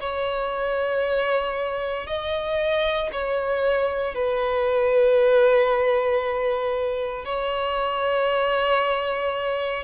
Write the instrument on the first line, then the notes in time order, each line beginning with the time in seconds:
violin
0.00 C#5
2.06 D#5
3.12 C#5
4.14 B4
7.25 C#5